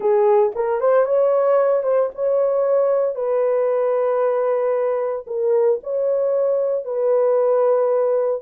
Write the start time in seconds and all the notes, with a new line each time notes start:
0.00 G#4
0.55 A#4
0.80 C5
1.05 C#5
1.83 C5
2.14 C#5
3.15 B4
5.27 A#4
5.83 C#5
6.84 B4